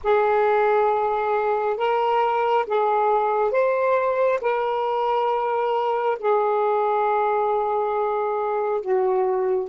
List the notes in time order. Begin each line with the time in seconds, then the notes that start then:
0.03 G#4
1.76 A#4
2.66 G#4
3.51 C5
4.41 A#4
6.19 G#4
8.81 F#4